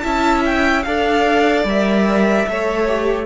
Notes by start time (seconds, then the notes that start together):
0.00 C#4 E4 E5 A5
0.45 G5
0.83 D4 A4 D5 F5
1.64 G3 A#4 E5
2.48 A3 A4 C#5
2.86 G4